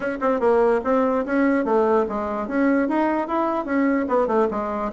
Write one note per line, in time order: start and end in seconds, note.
0.00 0.17 C#4
0.20 0.40 C4
0.40 0.80 A#3
0.84 1.24 C4
1.25 1.65 C#4
1.65 2.05 A3
2.09 2.47 G#3
2.47 2.88 C#4
2.88 3.27 D#4
3.27 3.65 E4
3.65 4.06 C#4
4.08 4.27 B3
4.27 4.47 A3
4.50 4.91 G#3